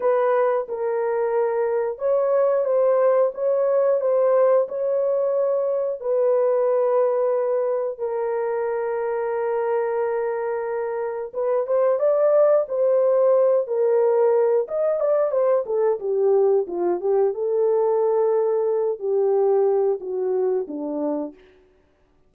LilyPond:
\new Staff \with { instrumentName = "horn" } { \time 4/4 \tempo 4 = 90 b'4 ais'2 cis''4 | c''4 cis''4 c''4 cis''4~ | cis''4 b'2. | ais'1~ |
ais'4 b'8 c''8 d''4 c''4~ | c''8 ais'4. dis''8 d''8 c''8 a'8 | g'4 f'8 g'8 a'2~ | a'8 g'4. fis'4 d'4 | }